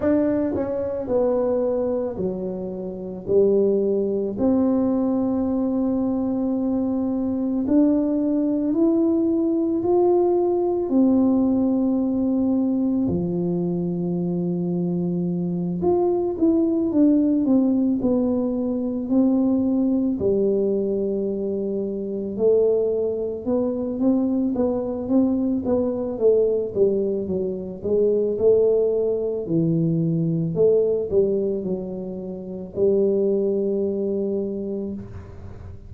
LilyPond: \new Staff \with { instrumentName = "tuba" } { \time 4/4 \tempo 4 = 55 d'8 cis'8 b4 fis4 g4 | c'2. d'4 | e'4 f'4 c'2 | f2~ f8 f'8 e'8 d'8 |
c'8 b4 c'4 g4.~ | g8 a4 b8 c'8 b8 c'8 b8 | a8 g8 fis8 gis8 a4 e4 | a8 g8 fis4 g2 | }